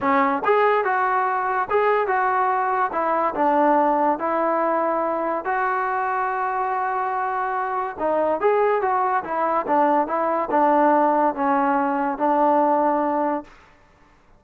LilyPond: \new Staff \with { instrumentName = "trombone" } { \time 4/4 \tempo 4 = 143 cis'4 gis'4 fis'2 | gis'4 fis'2 e'4 | d'2 e'2~ | e'4 fis'2.~ |
fis'2. dis'4 | gis'4 fis'4 e'4 d'4 | e'4 d'2 cis'4~ | cis'4 d'2. | }